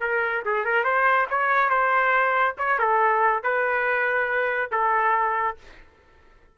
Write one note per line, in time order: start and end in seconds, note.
0.00 0.43 A#4
0.45 0.65 G#4
0.65 0.84 A#4
0.84 1.26 C5
1.30 1.69 C#5
1.69 2.55 C5
2.58 2.78 C#5
2.78 3.43 A4
3.43 4.71 B4
4.71 5.57 A4